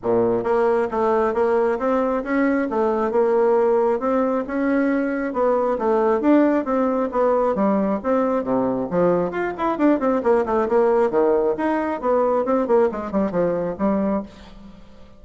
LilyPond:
\new Staff \with { instrumentName = "bassoon" } { \time 4/4 \tempo 4 = 135 ais,4 ais4 a4 ais4 | c'4 cis'4 a4 ais4~ | ais4 c'4 cis'2 | b4 a4 d'4 c'4 |
b4 g4 c'4 c4 | f4 f'8 e'8 d'8 c'8 ais8 a8 | ais4 dis4 dis'4 b4 | c'8 ais8 gis8 g8 f4 g4 | }